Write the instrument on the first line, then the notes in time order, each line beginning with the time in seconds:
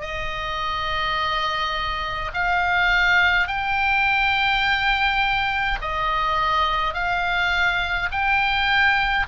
oboe
0.00 D#5
2.33 F5
3.47 G5
5.81 D#5
6.93 F5
8.11 G5